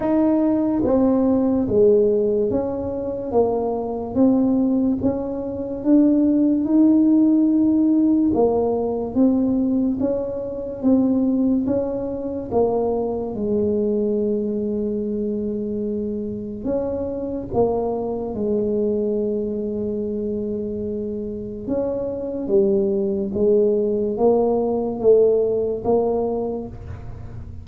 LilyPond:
\new Staff \with { instrumentName = "tuba" } { \time 4/4 \tempo 4 = 72 dis'4 c'4 gis4 cis'4 | ais4 c'4 cis'4 d'4 | dis'2 ais4 c'4 | cis'4 c'4 cis'4 ais4 |
gis1 | cis'4 ais4 gis2~ | gis2 cis'4 g4 | gis4 ais4 a4 ais4 | }